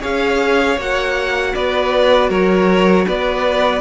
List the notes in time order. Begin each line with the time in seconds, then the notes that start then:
0.00 C#4 G#4 C#5 F5
0.77 A#3 F#4 F#5
1.54 B3 B4 D5
2.29 F#3 A#4 C#5
3.06 B3 B4 D5